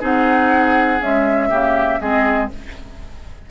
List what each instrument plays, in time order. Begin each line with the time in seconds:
0.00 bassoon C4, clarinet D#4, oboe G#4, flute F#5
1.01 clarinet G#3, bassoon C#4, flute E5
1.50 bassoon C#3, clarinet A#3, oboe G4
2.01 bassoon G#3, clarinet C4, oboe G#4, flute D#5